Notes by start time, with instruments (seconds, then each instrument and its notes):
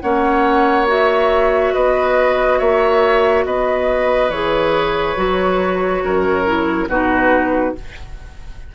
0.00 bassoon A#3, clarinet C#4, oboe C#5, flute F#5
0.87 clarinet F#4, flute E5
1.74 bassoon B3, oboe B4, flute D#5
2.58 bassoon A#3, oboe C#5, flute E5
3.45 bassoon B3, oboe B4, flute D#5
4.29 bassoon E3, clarinet G#4, flute C#5
5.17 bassoon F#3, clarinet F#4
6.03 bassoon F#2, oboe A#4
6.46 clarinet E4
6.88 bassoon B2, clarinet D#4, oboe F#4, flute B4